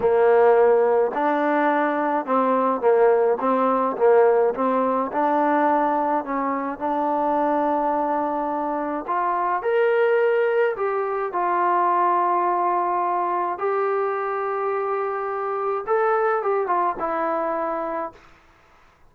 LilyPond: \new Staff \with { instrumentName = "trombone" } { \time 4/4 \tempo 4 = 106 ais2 d'2 | c'4 ais4 c'4 ais4 | c'4 d'2 cis'4 | d'1 |
f'4 ais'2 g'4 | f'1 | g'1 | a'4 g'8 f'8 e'2 | }